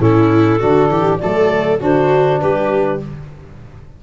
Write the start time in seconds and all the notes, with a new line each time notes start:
0.00 A2 C#4 E4 A4
0.59 D3 D4 F#4
0.89 E3 G4
1.18 F#3 A3 A4 D5
1.80 D3 D4 F#4 C5
2.41 G3 G4 B4